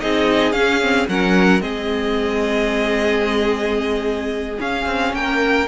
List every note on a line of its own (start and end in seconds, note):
0.00 0.53 C4
0.00 0.53 D#4
0.00 1.09 G#4
0.00 0.52 D#5
0.52 1.07 C#4
0.52 0.80 C#4
0.52 1.06 F5
0.82 1.09 C4
1.08 1.61 F#3
1.08 1.60 C#4
1.08 1.63 A#4
1.08 1.61 F#5
1.60 4.58 G#3
1.60 4.58 C4
1.60 5.14 G#4
1.60 4.58 D#5
4.59 5.67 C#4
4.59 4.86 C#4
4.59 5.14 F5
4.86 5.13 C4
5.13 5.67 A#3
5.13 5.68 A#4
5.13 5.68 G5